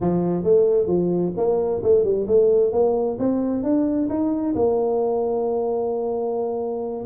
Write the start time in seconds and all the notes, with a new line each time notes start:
0.00 F3
0.43 A3
0.87 F3
1.36 A#3
1.83 A3
2.04 G3
2.27 A3
2.72 A#3
3.18 C4
3.63 D4
4.09 D#4
4.55 A#3